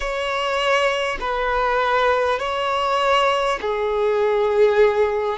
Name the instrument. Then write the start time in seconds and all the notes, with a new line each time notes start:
violin
0.00 C#5
1.20 B4
2.39 C#5
3.61 G#4